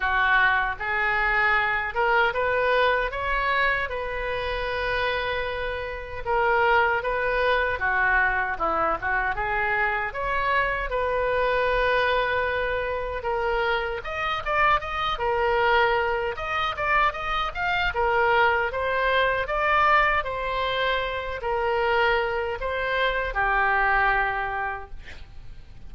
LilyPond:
\new Staff \with { instrumentName = "oboe" } { \time 4/4 \tempo 4 = 77 fis'4 gis'4. ais'8 b'4 | cis''4 b'2. | ais'4 b'4 fis'4 e'8 fis'8 | gis'4 cis''4 b'2~ |
b'4 ais'4 dis''8 d''8 dis''8 ais'8~ | ais'4 dis''8 d''8 dis''8 f''8 ais'4 | c''4 d''4 c''4. ais'8~ | ais'4 c''4 g'2 | }